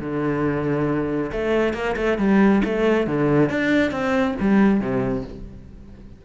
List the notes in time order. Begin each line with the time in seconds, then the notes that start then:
0.00 D3
1.32 A3
1.74 A#3
1.96 A3
2.18 G3
2.65 A3
3.07 D3
3.50 D4
3.91 C4
4.41 G3
4.80 C3